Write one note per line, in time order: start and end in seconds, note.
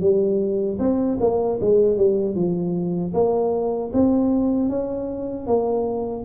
0.00 0.78 G3
0.79 1.18 C4
1.20 1.59 A#3
1.60 1.97 G#3
1.97 2.35 G3
2.35 3.13 F3
3.13 3.91 A#3
3.93 4.69 C4
4.69 5.47 C#4
5.47 6.24 A#3